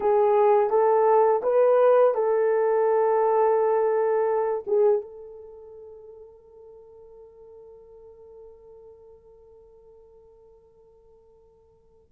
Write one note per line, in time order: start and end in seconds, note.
0.00 0.69 G#4
0.69 1.41 A4
1.43 2.14 B4
2.14 4.64 A4
4.66 5.01 G#4
5.01 12.12 A4